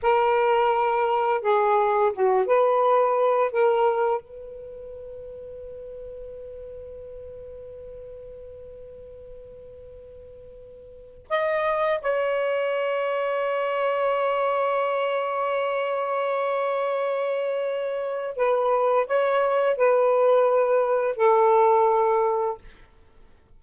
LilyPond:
\new Staff \with { instrumentName = "saxophone" } { \time 4/4 \tempo 4 = 85 ais'2 gis'4 fis'8 b'8~ | b'4 ais'4 b'2~ | b'1~ | b'1 |
dis''4 cis''2.~ | cis''1~ | cis''2 b'4 cis''4 | b'2 a'2 | }